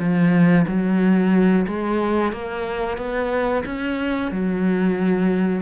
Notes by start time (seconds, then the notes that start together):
0.00 F3
0.68 F#3
1.68 G#3
2.33 A#3
2.98 B3
3.66 C#4
4.32 F#3